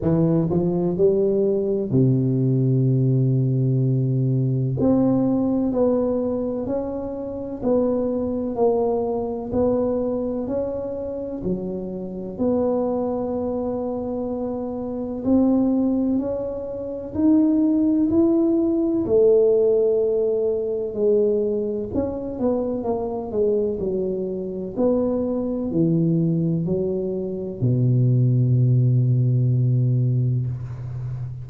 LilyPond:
\new Staff \with { instrumentName = "tuba" } { \time 4/4 \tempo 4 = 63 e8 f8 g4 c2~ | c4 c'4 b4 cis'4 | b4 ais4 b4 cis'4 | fis4 b2. |
c'4 cis'4 dis'4 e'4 | a2 gis4 cis'8 b8 | ais8 gis8 fis4 b4 e4 | fis4 b,2. | }